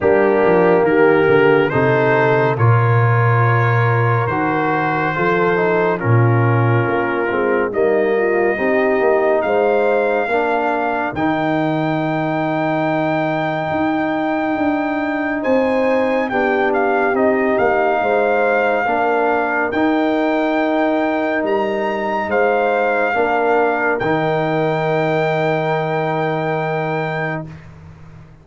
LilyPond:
<<
  \new Staff \with { instrumentName = "trumpet" } { \time 4/4 \tempo 4 = 70 g'4 ais'4 c''4 cis''4~ | cis''4 c''2 ais'4~ | ais'4 dis''2 f''4~ | f''4 g''2.~ |
g''2 gis''4 g''8 f''8 | dis''8 f''2~ f''8 g''4~ | g''4 ais''4 f''2 | g''1 | }
  \new Staff \with { instrumentName = "horn" } { \time 4/4 d'4 g'4 a'4 ais'4~ | ais'2 a'4 f'4~ | f'4 dis'8 f'8 g'4 c''4 | ais'1~ |
ais'2 c''4 g'4~ | g'4 c''4 ais'2~ | ais'2 c''4 ais'4~ | ais'1 | }
  \new Staff \with { instrumentName = "trombone" } { \time 4/4 ais2 dis'4 f'4~ | f'4 fis'4 f'8 dis'8 cis'4~ | cis'8 c'8 ais4 dis'2 | d'4 dis'2.~ |
dis'2. d'4 | dis'2 d'4 dis'4~ | dis'2. d'4 | dis'1 | }
  \new Staff \with { instrumentName = "tuba" } { \time 4/4 g8 f8 dis8 d8 c4 ais,4~ | ais,4 dis4 f4 ais,4 | ais8 gis8 g4 c'8 ais8 gis4 | ais4 dis2. |
dis'4 d'4 c'4 b4 | c'8 ais8 gis4 ais4 dis'4~ | dis'4 g4 gis4 ais4 | dis1 | }
>>